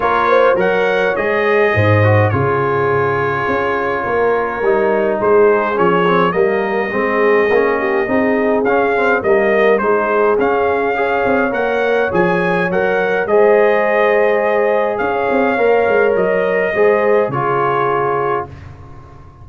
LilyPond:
<<
  \new Staff \with { instrumentName = "trumpet" } { \time 4/4 \tempo 4 = 104 cis''4 fis''4 dis''2 | cis''1~ | cis''4 c''4 cis''4 dis''4~ | dis''2. f''4 |
dis''4 c''4 f''2 | fis''4 gis''4 fis''4 dis''4~ | dis''2 f''2 | dis''2 cis''2 | }
  \new Staff \with { instrumentName = "horn" } { \time 4/4 ais'8 c''8 cis''2 c''4 | gis'2. ais'4~ | ais'4 gis'2 ais'4 | gis'4. g'8 gis'2 |
ais'4 gis'2 cis''4~ | cis''2. c''4~ | c''2 cis''2~ | cis''4 c''4 gis'2 | }
  \new Staff \with { instrumentName = "trombone" } { \time 4/4 f'4 ais'4 gis'4. fis'8 | f'1 | dis'2 cis'8 c'8 ais4 | c'4 cis'4 dis'4 cis'8 c'8 |
ais4 dis'4 cis'4 gis'4 | ais'4 gis'4 ais'4 gis'4~ | gis'2. ais'4~ | ais'4 gis'4 f'2 | }
  \new Staff \with { instrumentName = "tuba" } { \time 4/4 ais4 fis4 gis4 gis,4 | cis2 cis'4 ais4 | g4 gis4 f4 g4 | gis4 ais4 c'4 cis'4 |
g4 gis4 cis'4. c'8 | ais4 f4 fis4 gis4~ | gis2 cis'8 c'8 ais8 gis8 | fis4 gis4 cis2 | }
>>